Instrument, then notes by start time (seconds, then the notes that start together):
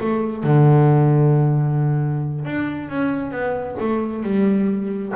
double bass
0.00 A3
0.43 D3
2.45 D4
2.89 C#4
3.31 B3
3.80 A3
4.23 G3